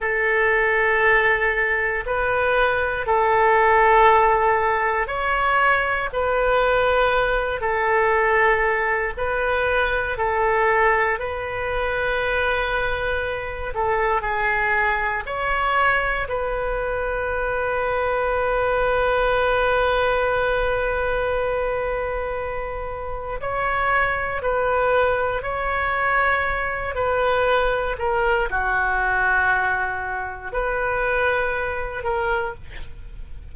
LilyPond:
\new Staff \with { instrumentName = "oboe" } { \time 4/4 \tempo 4 = 59 a'2 b'4 a'4~ | a'4 cis''4 b'4. a'8~ | a'4 b'4 a'4 b'4~ | b'4. a'8 gis'4 cis''4 |
b'1~ | b'2. cis''4 | b'4 cis''4. b'4 ais'8 | fis'2 b'4. ais'8 | }